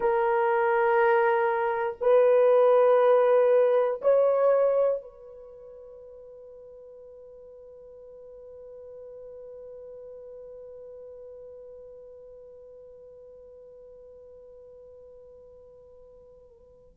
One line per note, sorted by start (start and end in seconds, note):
0.00 1.96 A#4
2.00 4.00 B4
4.01 5.01 C#5
5.01 16.97 B4